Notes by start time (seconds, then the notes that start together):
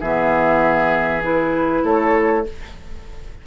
0.00 E3 B3 G#4 E5
1.22 E4 B4
1.83 A3 A4 C#5